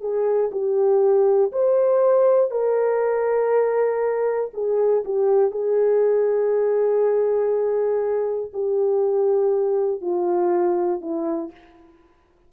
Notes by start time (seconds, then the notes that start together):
0.00 G#4
0.51 G4
1.52 C5
2.51 A#4
4.54 G#4
5.05 G4
5.51 G#4
8.53 G4
10.01 F4
11.01 E4